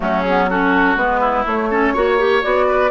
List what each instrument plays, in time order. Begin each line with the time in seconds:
0.00 bassoon F#3, clarinet A3, oboe C#4, flute F#4
0.21 flute G#4
0.29 clarinet B3
0.49 clarinet C#4, oboe F#4, flute A4
0.95 bassoon G#3, clarinet B3, flute B4
1.20 oboe E4
1.45 bassoon A3, clarinet A3, flute C#5
1.70 clarinet C#4, oboe A4
1.93 bassoon A#3, clarinet F#4, oboe C#5
2.18 clarinet G4
2.42 bassoon B3, clarinet F#4, flute D5
2.68 oboe B4